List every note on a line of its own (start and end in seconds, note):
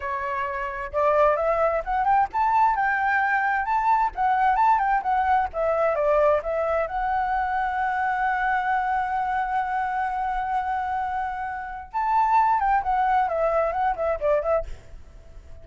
0.00 0.92 C#5
0.92 1.36 D5
1.36 1.82 E5
1.84 2.04 F#5
2.04 2.27 G5
2.32 2.75 A5
2.75 3.65 G5
3.65 4.11 A5
4.15 4.56 F#5
4.56 4.78 A5
4.78 5.01 G5
5.02 5.48 F#5
5.53 5.95 E5
5.95 6.41 D5
6.42 6.87 E5
6.87 11.91 F#5
11.93 12.59 A5
12.59 12.82 G5
12.82 13.28 F#5
13.28 13.72 E5
13.72 13.95 F#5
13.96 14.19 E5
14.20 14.42 D5
14.42 14.65 E5